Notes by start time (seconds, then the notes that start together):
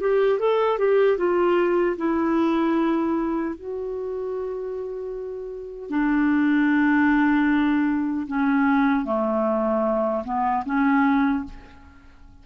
0.00 G4
0.39 A4
0.79 G4
1.18 F4
1.97 E4
3.55 F#4
5.90 D4
8.27 C#4
9.05 A3
10.24 B3
10.65 C#4